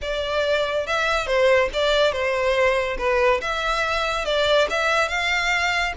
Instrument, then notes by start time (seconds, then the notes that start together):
violin
0.01 D5
0.86 E5
1.26 C5
1.73 D5
2.12 C5
2.98 B4
3.41 E5
4.25 D5
4.69 E5
5.08 F5